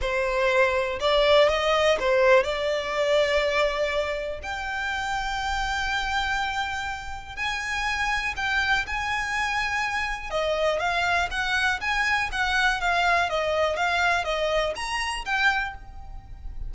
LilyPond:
\new Staff \with { instrumentName = "violin" } { \time 4/4 \tempo 4 = 122 c''2 d''4 dis''4 | c''4 d''2.~ | d''4 g''2.~ | g''2. gis''4~ |
gis''4 g''4 gis''2~ | gis''4 dis''4 f''4 fis''4 | gis''4 fis''4 f''4 dis''4 | f''4 dis''4 ais''4 g''4 | }